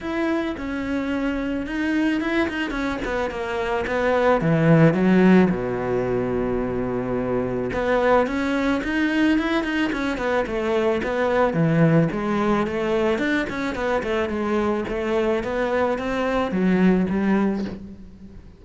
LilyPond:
\new Staff \with { instrumentName = "cello" } { \time 4/4 \tempo 4 = 109 e'4 cis'2 dis'4 | e'8 dis'8 cis'8 b8 ais4 b4 | e4 fis4 b,2~ | b,2 b4 cis'4 |
dis'4 e'8 dis'8 cis'8 b8 a4 | b4 e4 gis4 a4 | d'8 cis'8 b8 a8 gis4 a4 | b4 c'4 fis4 g4 | }